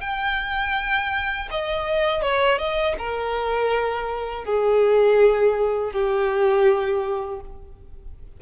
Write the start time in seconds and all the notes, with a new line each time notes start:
0.00 G5
1.51 D#5
2.22 C#5
2.58 D#5
2.98 A#4
4.44 G#4
5.92 G4